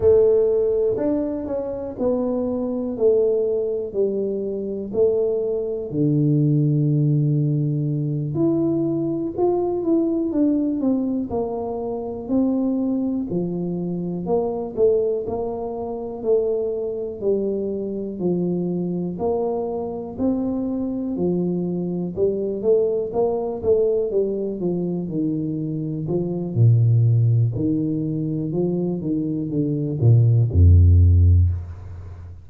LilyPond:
\new Staff \with { instrumentName = "tuba" } { \time 4/4 \tempo 4 = 61 a4 d'8 cis'8 b4 a4 | g4 a4 d2~ | d8 e'4 f'8 e'8 d'8 c'8 ais8~ | ais8 c'4 f4 ais8 a8 ais8~ |
ais8 a4 g4 f4 ais8~ | ais8 c'4 f4 g8 a8 ais8 | a8 g8 f8 dis4 f8 ais,4 | dis4 f8 dis8 d8 ais,8 f,4 | }